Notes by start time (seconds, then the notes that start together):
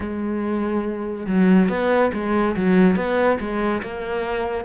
0.00 G#3
1.26 F#3
1.68 B3
2.13 G#3
2.55 F#3
2.96 B3
3.39 G#3
3.82 A#3